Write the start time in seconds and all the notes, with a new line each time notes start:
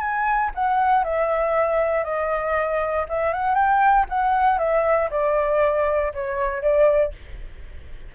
0.00 G#5
0.55 F#5
1.04 E5
2.04 D#5
3.09 E5
3.34 F#5
3.55 G5
4.09 F#5
4.59 E5
5.11 D5
6.14 C#5
6.62 D5